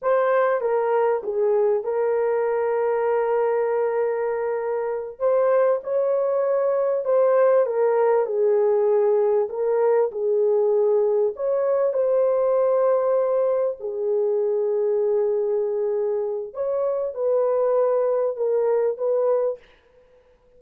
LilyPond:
\new Staff \with { instrumentName = "horn" } { \time 4/4 \tempo 4 = 98 c''4 ais'4 gis'4 ais'4~ | ais'1~ | ais'8 c''4 cis''2 c''8~ | c''8 ais'4 gis'2 ais'8~ |
ais'8 gis'2 cis''4 c''8~ | c''2~ c''8 gis'4.~ | gis'2. cis''4 | b'2 ais'4 b'4 | }